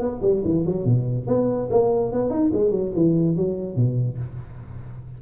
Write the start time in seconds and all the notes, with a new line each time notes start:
0.00 B3
0.23 G3
0.45 E3
0.67 F#3
0.85 B2
1.27 B3
1.71 A#3
2.12 B3
2.31 D#4
2.53 G#3
2.71 F#3
2.96 E3
3.37 F#3
3.76 B2